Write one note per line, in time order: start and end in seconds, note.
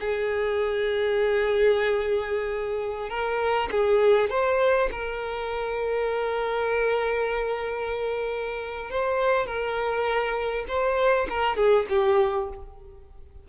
0.00 3.09 G#4
3.09 3.69 A#4
3.71 4.30 G#4
4.30 4.89 C5
4.91 8.91 A#4
8.91 9.46 C5
9.46 10.65 A#4
10.68 11.27 C5
11.30 11.56 A#4
11.56 11.86 G#4
11.89 12.49 G4